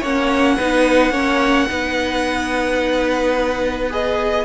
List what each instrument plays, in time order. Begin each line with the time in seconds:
0.00 cello A#3, viola C#4, violin C#5 F#5
0.57 cello B3, viola D#4, violin B4
1.10 cello A#3, viola C#4, violin C#5
1.69 cello B3, viola D#4, violin B4
3.90 viola G#4, violin D#5